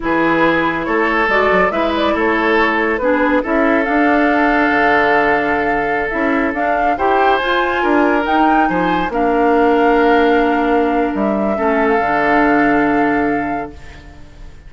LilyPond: <<
  \new Staff \with { instrumentName = "flute" } { \time 4/4 \tempo 4 = 140 b'2 cis''4 d''4 | e''8 d''8 cis''2 b'4 | e''4 f''2.~ | f''2~ f''16 e''4 f''8.~ |
f''16 g''4 gis''2 g''8.~ | g''16 gis''4 f''2~ f''8.~ | f''2 e''4.~ e''16 f''16~ | f''1 | }
  \new Staff \with { instrumentName = "oboe" } { \time 4/4 gis'2 a'2 | b'4 a'2 gis'4 | a'1~ | a'1~ |
a'16 c''2 ais'4.~ ais'16~ | ais'16 c''4 ais'2~ ais'8.~ | ais'2. a'4~ | a'1 | }
  \new Staff \with { instrumentName = "clarinet" } { \time 4/4 e'2. fis'4 | e'2. d'4 | e'4 d'2.~ | d'2~ d'16 e'4 d'8.~ |
d'16 g'4 f'2 dis'8.~ | dis'4~ dis'16 d'2~ d'8.~ | d'2. cis'4 | d'1 | }
  \new Staff \with { instrumentName = "bassoon" } { \time 4/4 e2 a4 gis8 fis8 | gis4 a2 b4 | cis'4 d'2 d4~ | d2~ d16 cis'4 d'8.~ |
d'16 e'4 f'4 d'4 dis'8.~ | dis'16 f4 ais2~ ais8.~ | ais2 g4 a4 | d1 | }
>>